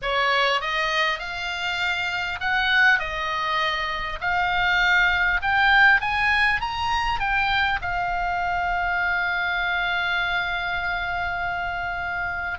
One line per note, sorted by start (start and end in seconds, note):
0.01 0.61 C#5
0.61 1.19 D#5
1.19 2.39 F5
2.40 2.99 F#5
2.99 4.19 D#5
4.20 5.40 F5
5.42 6.00 G5
6.00 6.60 G#5
6.60 7.19 A#5
7.19 7.79 G5
7.81 12.58 F5